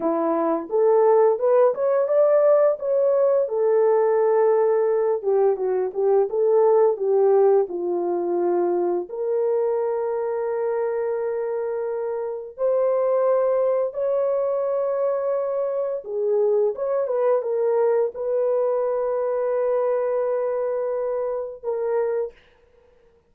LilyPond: \new Staff \with { instrumentName = "horn" } { \time 4/4 \tempo 4 = 86 e'4 a'4 b'8 cis''8 d''4 | cis''4 a'2~ a'8 g'8 | fis'8 g'8 a'4 g'4 f'4~ | f'4 ais'2.~ |
ais'2 c''2 | cis''2. gis'4 | cis''8 b'8 ais'4 b'2~ | b'2. ais'4 | }